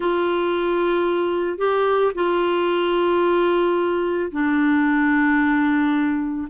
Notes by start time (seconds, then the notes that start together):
0.00 F4
1.58 G4
2.14 F4
4.31 D4